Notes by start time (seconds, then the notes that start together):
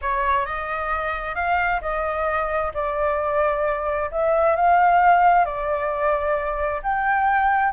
0.01 C#5
0.45 D#5
1.35 F5
1.81 D#5
2.74 D5
4.11 E5
4.56 F5
5.45 D5
6.83 G5